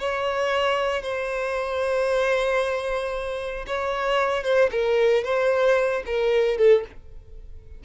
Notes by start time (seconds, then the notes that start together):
0.00 C#5
1.03 C5
3.67 C#5
4.44 C5
4.72 A#4
5.24 C5
6.06 A#4
6.58 A4